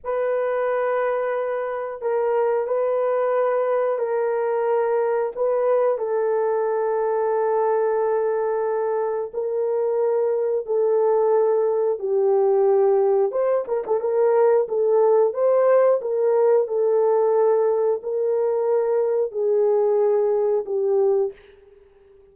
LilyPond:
\new Staff \with { instrumentName = "horn" } { \time 4/4 \tempo 4 = 90 b'2. ais'4 | b'2 ais'2 | b'4 a'2.~ | a'2 ais'2 |
a'2 g'2 | c''8 ais'16 a'16 ais'4 a'4 c''4 | ais'4 a'2 ais'4~ | ais'4 gis'2 g'4 | }